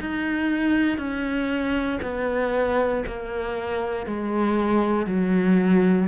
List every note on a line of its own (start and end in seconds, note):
0.00 0.98 D#4
0.98 2.00 C#4
2.02 3.04 B3
3.06 4.06 A#3
4.06 5.06 G#3
5.06 6.08 F#3